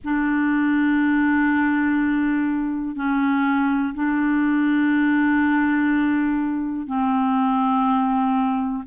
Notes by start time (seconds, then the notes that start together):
0.04 D4
2.95 C#4
3.94 D4
6.86 C4